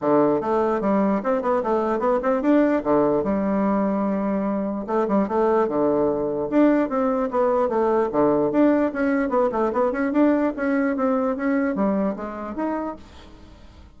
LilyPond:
\new Staff \with { instrumentName = "bassoon" } { \time 4/4 \tempo 4 = 148 d4 a4 g4 c'8 b8 | a4 b8 c'8 d'4 d4 | g1 | a8 g8 a4 d2 |
d'4 c'4 b4 a4 | d4 d'4 cis'4 b8 a8 | b8 cis'8 d'4 cis'4 c'4 | cis'4 g4 gis4 dis'4 | }